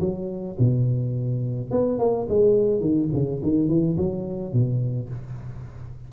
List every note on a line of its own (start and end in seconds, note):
0.00 0.57 F#3
0.59 1.70 B2
1.70 1.98 B3
1.98 2.27 A#3
2.28 2.80 G#3
2.80 3.08 D#3
3.13 3.41 C#3
3.42 3.68 D#3
3.68 3.96 E3
3.97 4.53 F#3
4.53 5.09 B2